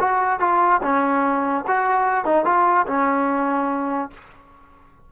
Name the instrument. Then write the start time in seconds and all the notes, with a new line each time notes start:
trombone
0.00 F#4
0.40 F4
0.83 C#4
1.68 F#4
2.25 D#4
2.45 F4
2.87 C#4